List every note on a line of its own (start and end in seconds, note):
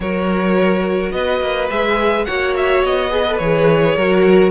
0.00 1.11 F#3
0.00 1.69 F#4
0.00 1.12 A#4
0.00 1.11 C#5
1.11 1.40 B3
1.11 2.25 B4
1.11 1.68 D#5
1.40 1.69 A#3
1.69 2.27 G#3
1.69 2.26 G#4
1.69 2.25 E5
2.25 2.83 A#3
2.25 3.10 F#4
2.25 3.11 C#5
2.25 2.53 F#5
2.56 2.84 E5
2.83 3.39 B3
2.83 3.37 D#5
3.10 3.24 G#4
3.10 3.95 B4
3.27 3.41 A4
3.37 3.96 E3
3.37 3.97 G#4
3.37 4.50 C#5
3.95 4.51 F#3
3.95 4.51 F#4
3.95 4.51 A#4